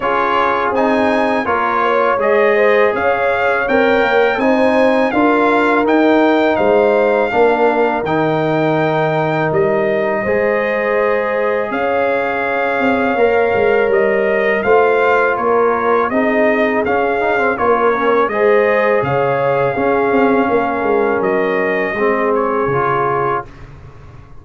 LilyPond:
<<
  \new Staff \with { instrumentName = "trumpet" } { \time 4/4 \tempo 4 = 82 cis''4 gis''4 cis''4 dis''4 | f''4 g''4 gis''4 f''4 | g''4 f''2 g''4~ | g''4 dis''2. |
f''2. dis''4 | f''4 cis''4 dis''4 f''4 | cis''4 dis''4 f''2~ | f''4 dis''4. cis''4. | }
  \new Staff \with { instrumentName = "horn" } { \time 4/4 gis'2 ais'8 cis''4 c''8 | cis''2 c''4 ais'4~ | ais'4 c''4 ais'2~ | ais'2 c''2 |
cis''1 | c''4 ais'4 gis'2 | ais'4 c''4 cis''4 gis'4 | ais'2 gis'2 | }
  \new Staff \with { instrumentName = "trombone" } { \time 4/4 f'4 dis'4 f'4 gis'4~ | gis'4 ais'4 dis'4 f'4 | dis'2 d'4 dis'4~ | dis'2 gis'2~ |
gis'2 ais'2 | f'2 dis'4 cis'8 dis'16 c'16 | f'8 cis'8 gis'2 cis'4~ | cis'2 c'4 f'4 | }
  \new Staff \with { instrumentName = "tuba" } { \time 4/4 cis'4 c'4 ais4 gis4 | cis'4 c'8 ais8 c'4 d'4 | dis'4 gis4 ais4 dis4~ | dis4 g4 gis2 |
cis'4. c'8 ais8 gis8 g4 | a4 ais4 c'4 cis'4 | ais4 gis4 cis4 cis'8 c'8 | ais8 gis8 fis4 gis4 cis4 | }
>>